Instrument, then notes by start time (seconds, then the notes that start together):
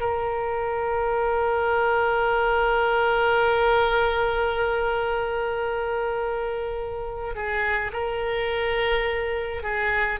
oboe
0.00 A#4
7.35 G#4
7.92 A#4
9.63 G#4